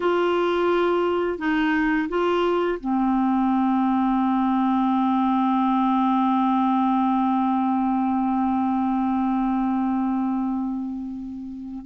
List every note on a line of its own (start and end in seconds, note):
0.00 1.38 F4
1.38 2.08 D#4
2.08 2.78 F4
2.80 11.85 C4